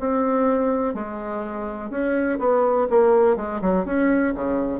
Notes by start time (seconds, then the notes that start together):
0.00 C4
0.95 G#3
1.90 C#4
2.39 B3
2.90 A#3
3.37 G#3
3.62 F#3
3.85 C#4
4.35 C#3